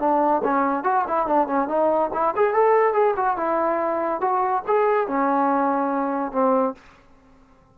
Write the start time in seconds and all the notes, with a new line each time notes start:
0.00 D4
0.44 C#4
0.84 F#4
1.08 E4
1.27 D4
1.47 C#4
1.68 D#4
2.14 E4
2.36 G#4
2.54 A4
2.93 G#4
3.17 F#4
3.37 E4
4.21 F#4
4.67 G#4
5.08 C#4
6.32 C4